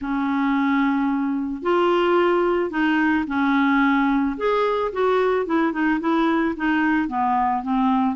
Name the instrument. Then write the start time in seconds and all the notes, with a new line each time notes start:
clarinet
0.01 C#4
1.62 F4
2.70 D#4
3.27 C#4
4.37 G#4
4.92 F#4
5.46 E4
5.72 D#4
6.00 E4
6.56 D#4
7.08 B3
7.62 C4